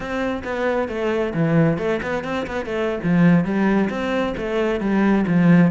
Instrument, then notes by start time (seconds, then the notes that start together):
cello
0.00 C4
0.44 B3
0.88 A3
1.34 E3
1.78 A3
2.02 B3
2.23 C4
2.46 B3
2.65 A3
3.03 F3
3.44 G3
3.89 C4
4.37 A3
4.80 G3
5.27 F3